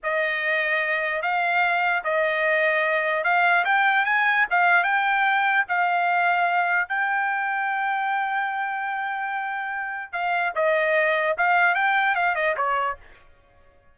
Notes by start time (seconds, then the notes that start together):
0.03 D#5
1.22 F5
2.04 D#5
3.24 F5
3.64 G5
4.05 G#5
4.50 F5
4.83 G5
5.68 F5
6.88 G5
10.12 F5
10.55 D#5
11.37 F5
11.74 G5
12.15 F5
12.35 D#5
12.56 C#5